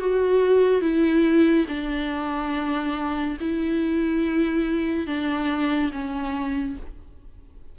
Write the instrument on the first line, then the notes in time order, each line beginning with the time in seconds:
viola
0.00 F#4
0.81 E4
1.68 D4
3.41 E4
5.07 D4
5.92 C#4